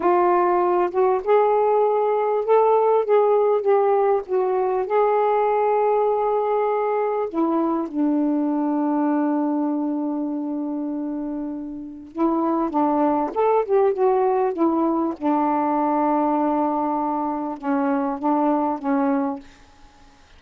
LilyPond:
\new Staff \with { instrumentName = "saxophone" } { \time 4/4 \tempo 4 = 99 f'4. fis'8 gis'2 | a'4 gis'4 g'4 fis'4 | gis'1 | e'4 d'2.~ |
d'1 | e'4 d'4 a'8 g'8 fis'4 | e'4 d'2.~ | d'4 cis'4 d'4 cis'4 | }